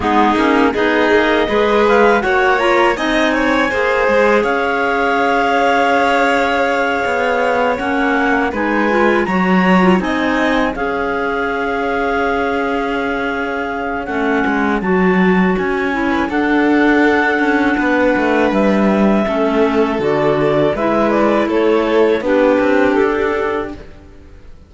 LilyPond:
<<
  \new Staff \with { instrumentName = "clarinet" } { \time 4/4 \tempo 4 = 81 gis'4 dis''4. f''8 fis''8 ais''8 | gis''2 f''2~ | f''2~ f''8 fis''4 gis''8~ | gis''8 ais''4 gis''4 f''4.~ |
f''2. fis''4 | a''4 gis''4 fis''2~ | fis''4 e''2 d''4 | e''8 d''8 cis''4 b'4 a'4 | }
  \new Staff \with { instrumentName = "violin" } { \time 4/4 dis'4 gis'4 b'4 cis''4 | dis''8 cis''8 c''4 cis''2~ | cis''2.~ cis''8 b'8~ | b'8 cis''4 dis''4 cis''4.~ |
cis''1~ | cis''4.~ cis''16 b'16 a'2 | b'2 a'2 | b'4 a'4 g'2 | }
  \new Staff \with { instrumentName = "clarinet" } { \time 4/4 b8 cis'8 dis'4 gis'4 fis'8 f'8 | dis'4 gis'2.~ | gis'2~ gis'8 cis'4 dis'8 | f'8 fis'8. f'16 dis'4 gis'4.~ |
gis'2. cis'4 | fis'4. e'8 d'2~ | d'2 cis'4 fis'4 | e'2 d'2 | }
  \new Staff \with { instrumentName = "cello" } { \time 4/4 gis8 ais8 b8 ais8 gis4 ais4 | c'4 ais8 gis8 cis'2~ | cis'4. b4 ais4 gis8~ | gis8 fis4 c'4 cis'4.~ |
cis'2. a8 gis8 | fis4 cis'4 d'4. cis'8 | b8 a8 g4 a4 d4 | gis4 a4 b8 c'8 d'4 | }
>>